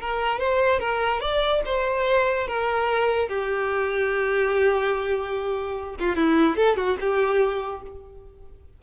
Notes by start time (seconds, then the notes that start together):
0.00 A#4
0.39 C5
0.79 A#4
1.20 D5
1.65 C5
2.47 A#4
3.28 G4
5.99 F4
6.16 E4
6.56 A4
6.76 F#4
7.00 G4